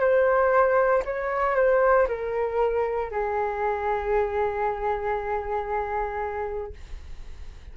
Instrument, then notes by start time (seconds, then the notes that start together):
flute
0.00 C5
1.05 C#5
1.56 C5
2.08 A#4
3.11 G#4